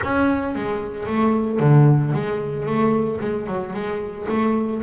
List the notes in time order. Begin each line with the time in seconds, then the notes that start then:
0.03 C#4
0.55 G#3
1.06 A3
1.59 D3
2.13 G#3
2.66 A3
3.20 G#3
3.47 F#3
3.73 G#3
4.28 A3